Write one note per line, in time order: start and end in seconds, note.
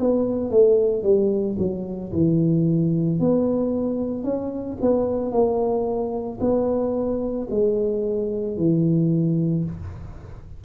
0.00 0.51 B3
0.51 1.03 A3
1.03 1.57 G3
1.59 2.12 F#3
2.13 3.20 E3
3.20 4.24 B3
4.24 4.77 C#4
4.82 5.32 B3
5.32 6.39 A#3
6.41 7.48 B3
7.50 8.58 G#3
8.58 9.65 E3